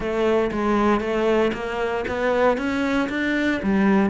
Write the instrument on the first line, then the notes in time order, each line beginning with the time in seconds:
cello
0.00 A3
0.51 G#3
1.00 A3
1.53 A#3
2.08 B3
2.57 C#4
3.09 D4
3.62 G3